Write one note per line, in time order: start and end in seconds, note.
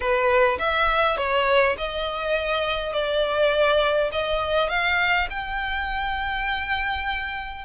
0.00 0.58 B4
0.59 1.17 E5
1.17 1.76 C#5
1.77 2.93 D#5
2.93 4.10 D5
4.12 4.69 D#5
4.69 5.28 F5
5.30 7.64 G5